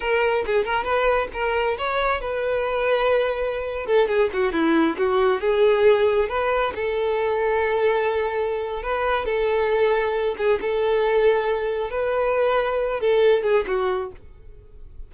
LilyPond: \new Staff \with { instrumentName = "violin" } { \time 4/4 \tempo 4 = 136 ais'4 gis'8 ais'8 b'4 ais'4 | cis''4 b'2.~ | b'8. a'8 gis'8 fis'8 e'4 fis'8.~ | fis'16 gis'2 b'4 a'8.~ |
a'1 | b'4 a'2~ a'8 gis'8 | a'2. b'4~ | b'4. a'4 gis'8 fis'4 | }